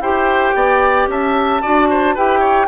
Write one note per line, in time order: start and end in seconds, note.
0.00 0.54 E4
0.00 1.63 G4
0.00 0.55 C5
0.00 1.08 G5
0.55 1.07 B3
0.55 1.09 D5
1.07 1.61 C#4
1.07 1.62 E5
1.07 2.17 A5
1.62 2.17 D4
1.62 2.16 F#4
1.62 1.89 D5
1.90 2.15 C5
2.15 2.67 E4
2.15 2.67 G4
2.15 2.40 B4
2.15 2.67 G5
2.40 2.66 C#5